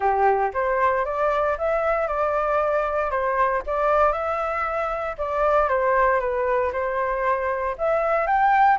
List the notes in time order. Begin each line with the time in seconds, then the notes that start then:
0.00 G4
0.53 C5
1.05 D5
1.58 E5
2.07 D5
3.10 C5
3.66 D5
4.12 E5
5.18 D5
5.68 C5
6.20 B4
6.72 C5
7.78 E5
8.26 G5